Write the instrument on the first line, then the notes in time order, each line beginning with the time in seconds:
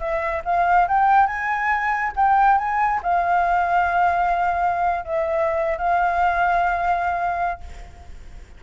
flute
0.00 E5
0.45 F5
0.88 G5
1.27 G#5
2.16 G5
2.59 G#5
3.03 F5
5.05 E5
5.79 F5